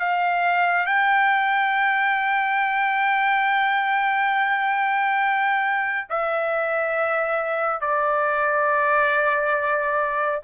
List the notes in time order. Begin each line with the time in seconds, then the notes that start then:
0.00 F5
0.86 G5
6.10 E5
7.81 D5